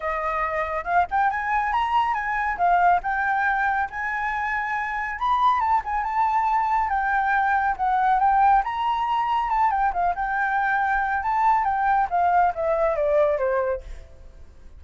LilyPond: \new Staff \with { instrumentName = "flute" } { \time 4/4 \tempo 4 = 139 dis''2 f''8 g''8 gis''4 | ais''4 gis''4 f''4 g''4~ | g''4 gis''2. | b''4 a''8 gis''8 a''2 |
g''2 fis''4 g''4 | ais''2 a''8 g''8 f''8 g''8~ | g''2 a''4 g''4 | f''4 e''4 d''4 c''4 | }